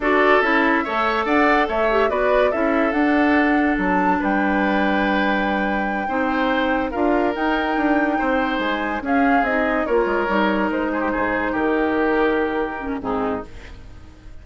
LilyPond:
<<
  \new Staff \with { instrumentName = "flute" } { \time 4/4 \tempo 4 = 143 d''4 e''2 fis''4 | e''4 d''4 e''4 fis''4~ | fis''4 a''4 g''2~ | g''1~ |
g''8 f''4 g''2~ g''8~ | g''8 gis''4 f''4 dis''4 cis''8~ | cis''4. c''2 ais'8~ | ais'2. gis'4 | }
  \new Staff \with { instrumentName = "oboe" } { \time 4/4 a'2 cis''4 d''4 | cis''4 b'4 a'2~ | a'2 b'2~ | b'2~ b'8 c''4.~ |
c''8 ais'2. c''8~ | c''4. gis'2 ais'8~ | ais'2 gis'16 g'16 gis'4 g'8~ | g'2. dis'4 | }
  \new Staff \with { instrumentName = "clarinet" } { \time 4/4 fis'4 e'4 a'2~ | a'8 g'8 fis'4 e'4 d'4~ | d'1~ | d'2~ d'8 dis'4.~ |
dis'8 f'4 dis'2~ dis'8~ | dis'4. cis'4 dis'4 f'8~ | f'8 dis'2.~ dis'8~ | dis'2~ dis'8 cis'8 c'4 | }
  \new Staff \with { instrumentName = "bassoon" } { \time 4/4 d'4 cis'4 a4 d'4 | a4 b4 cis'4 d'4~ | d'4 fis4 g2~ | g2~ g8 c'4.~ |
c'8 d'4 dis'4 d'4 c'8~ | c'8 gis4 cis'4 c'4 ais8 | gis8 g4 gis4 gis,4 dis8~ | dis2. gis,4 | }
>>